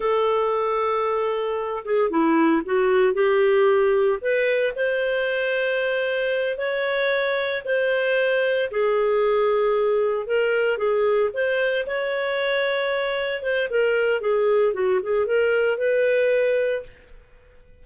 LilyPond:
\new Staff \with { instrumentName = "clarinet" } { \time 4/4 \tempo 4 = 114 a'2.~ a'8 gis'8 | e'4 fis'4 g'2 | b'4 c''2.~ | c''8 cis''2 c''4.~ |
c''8 gis'2. ais'8~ | ais'8 gis'4 c''4 cis''4.~ | cis''4. c''8 ais'4 gis'4 | fis'8 gis'8 ais'4 b'2 | }